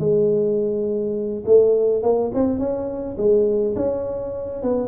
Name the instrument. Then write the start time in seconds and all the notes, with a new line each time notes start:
tuba
0.00 G#3
1.46 A3
2.03 A#3
2.35 C4
2.59 C#4
3.18 G#3
3.76 C#4
4.63 B3